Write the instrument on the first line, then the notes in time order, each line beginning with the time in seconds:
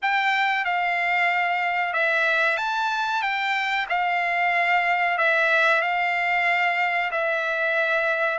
trumpet
0.02 G5
0.64 F5
1.93 E5
2.57 A5
3.22 G5
3.89 F5
5.18 E5
5.81 F5
7.11 E5